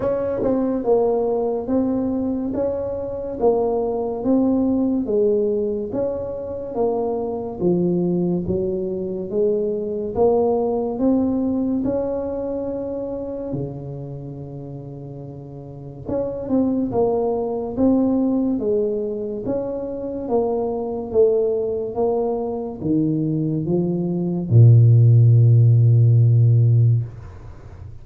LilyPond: \new Staff \with { instrumentName = "tuba" } { \time 4/4 \tempo 4 = 71 cis'8 c'8 ais4 c'4 cis'4 | ais4 c'4 gis4 cis'4 | ais4 f4 fis4 gis4 | ais4 c'4 cis'2 |
cis2. cis'8 c'8 | ais4 c'4 gis4 cis'4 | ais4 a4 ais4 dis4 | f4 ais,2. | }